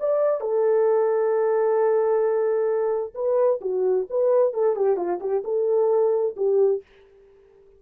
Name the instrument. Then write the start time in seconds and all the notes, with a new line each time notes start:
horn
0.00 D5
0.41 A4
3.15 B4
3.61 F#4
4.10 B4
4.54 A4
4.76 G4
4.97 F4
5.21 G4
5.45 A4
6.37 G4